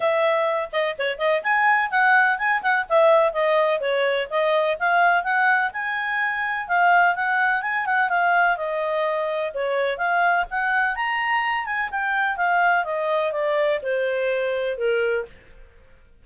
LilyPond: \new Staff \with { instrumentName = "clarinet" } { \time 4/4 \tempo 4 = 126 e''4. dis''8 cis''8 dis''8 gis''4 | fis''4 gis''8 fis''8 e''4 dis''4 | cis''4 dis''4 f''4 fis''4 | gis''2 f''4 fis''4 |
gis''8 fis''8 f''4 dis''2 | cis''4 f''4 fis''4 ais''4~ | ais''8 gis''8 g''4 f''4 dis''4 | d''4 c''2 ais'4 | }